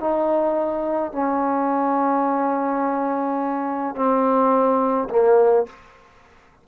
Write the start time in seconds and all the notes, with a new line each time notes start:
0.00 D#4
1.12 C#4
3.95 C4
5.09 A#3